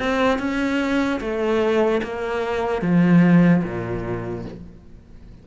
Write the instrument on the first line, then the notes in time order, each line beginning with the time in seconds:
cello
0.00 C4
0.39 C#4
1.21 A3
2.03 A#3
2.82 F3
3.64 A#2